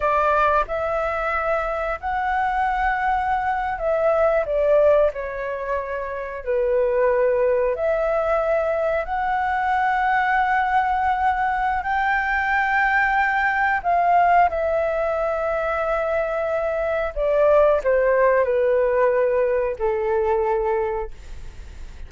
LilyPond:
\new Staff \with { instrumentName = "flute" } { \time 4/4 \tempo 4 = 91 d''4 e''2 fis''4~ | fis''4.~ fis''16 e''4 d''4 cis''16~ | cis''4.~ cis''16 b'2 e''16~ | e''4.~ e''16 fis''2~ fis''16~ |
fis''2 g''2~ | g''4 f''4 e''2~ | e''2 d''4 c''4 | b'2 a'2 | }